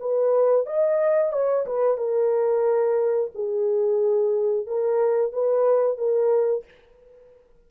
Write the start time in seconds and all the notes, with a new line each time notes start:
0.00 B4
0.66 D#5
1.32 C#5
1.66 B4
1.98 A#4
3.35 G#4
4.66 A#4
5.33 B4
5.98 A#4